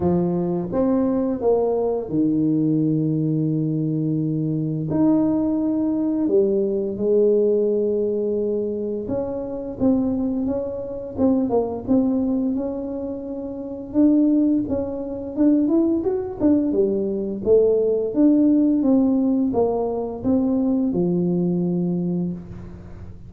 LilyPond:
\new Staff \with { instrumentName = "tuba" } { \time 4/4 \tempo 4 = 86 f4 c'4 ais4 dis4~ | dis2. dis'4~ | dis'4 g4 gis2~ | gis4 cis'4 c'4 cis'4 |
c'8 ais8 c'4 cis'2 | d'4 cis'4 d'8 e'8 fis'8 d'8 | g4 a4 d'4 c'4 | ais4 c'4 f2 | }